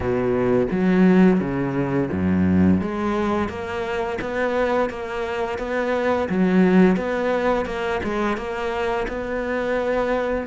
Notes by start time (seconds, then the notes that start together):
0.00 B2
0.71 F#3
1.40 C#3
2.11 F#2
2.81 G#3
3.49 A#3
4.21 B3
4.89 A#3
5.58 B3
6.29 F#3
6.96 B3
7.65 A#3
8.03 G#3
8.37 A#3
9.08 B3